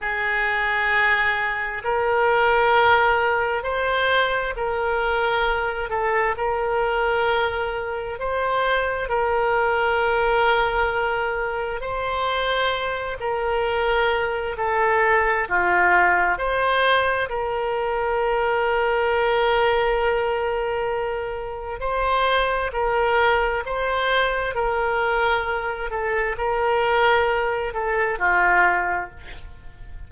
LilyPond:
\new Staff \with { instrumentName = "oboe" } { \time 4/4 \tempo 4 = 66 gis'2 ais'2 | c''4 ais'4. a'8 ais'4~ | ais'4 c''4 ais'2~ | ais'4 c''4. ais'4. |
a'4 f'4 c''4 ais'4~ | ais'1 | c''4 ais'4 c''4 ais'4~ | ais'8 a'8 ais'4. a'8 f'4 | }